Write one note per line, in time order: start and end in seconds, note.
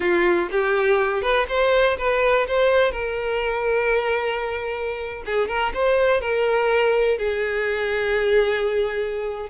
0.00 0.48 F4
0.51 1.22 G4
1.22 1.46 B4
1.48 1.97 C5
1.98 2.46 B4
2.47 2.91 C5
2.91 5.23 A#4
5.25 5.47 G#4
5.47 5.72 A#4
5.74 6.20 C5
6.20 7.18 A#4
7.18 9.49 G#4